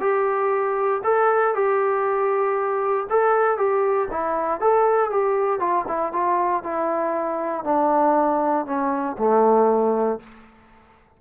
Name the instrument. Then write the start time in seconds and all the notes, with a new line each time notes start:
trombone
0.00 G4
1.04 A4
1.54 G4
3.10 A4
3.57 G4
4.11 E4
4.61 A4
5.10 G4
5.60 F4
5.88 E4
6.12 F4
6.63 E4
7.64 D4
8.66 C#4
9.18 A3